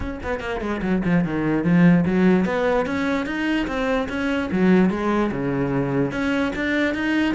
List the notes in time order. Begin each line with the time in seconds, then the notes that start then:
0.00 C#4
0.23 B3
0.40 A#3
0.60 G#3
0.82 F#3
1.05 F3
1.24 D#3
1.64 F3
2.05 F#3
2.45 B3
2.86 C#4
3.25 D#4
3.67 C4
4.08 C#4
4.51 F#3
4.90 G#3
5.31 C#3
6.11 C#4
6.55 D4
6.94 D#4